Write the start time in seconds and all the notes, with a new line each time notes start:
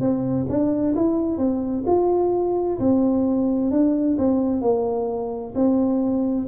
0.00 C4
0.49 D4
0.95 E4
1.38 C4
1.86 F4
2.79 C4
3.71 D4
4.18 C4
4.62 A#3
5.55 C4